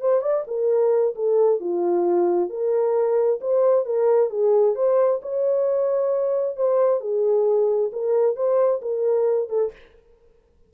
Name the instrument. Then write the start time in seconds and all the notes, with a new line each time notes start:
horn
0.00 C5
0.21 D5
0.47 A#4
1.15 A4
1.60 F4
2.49 A#4
3.40 C5
3.85 A#4
4.30 G#4
4.75 C5
5.21 C#5
6.56 C5
7.00 G#4
7.92 A#4
8.35 C5
8.81 A#4
9.49 A4